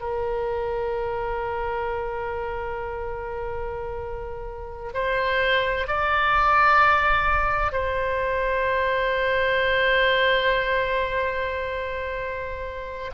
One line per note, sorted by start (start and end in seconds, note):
0.00 4.92 A#4
4.94 5.87 C5
5.87 7.72 D5
7.72 13.11 C5